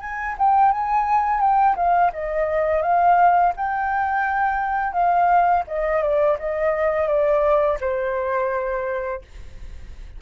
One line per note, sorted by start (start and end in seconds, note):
0.00 0.35 G#5
0.38 0.71 G5
0.71 1.40 G#5
1.40 1.75 G5
1.76 2.11 F5
2.12 2.82 D#5
2.82 3.52 F5
3.56 4.92 G5
4.92 5.63 F5
5.67 6.02 D#5
6.02 6.37 D5
6.38 7.07 D#5
7.07 7.78 D5
7.80 9.21 C5